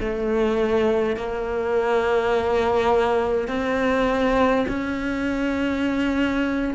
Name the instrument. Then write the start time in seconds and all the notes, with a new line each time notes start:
cello
0.00 A3
1.16 A#3
3.48 C4
4.68 C#4